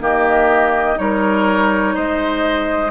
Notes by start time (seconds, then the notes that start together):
0.00 D#3 A#3 G4 D#5
0.96 G3 D#4 A#4 C#5
1.95 G#3 C5 D#5